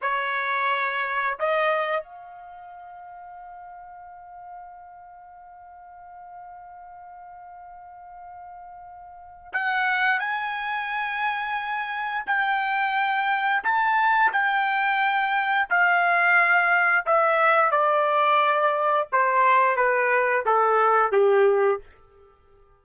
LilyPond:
\new Staff \with { instrumentName = "trumpet" } { \time 4/4 \tempo 4 = 88 cis''2 dis''4 f''4~ | f''1~ | f''1~ | f''2 fis''4 gis''4~ |
gis''2 g''2 | a''4 g''2 f''4~ | f''4 e''4 d''2 | c''4 b'4 a'4 g'4 | }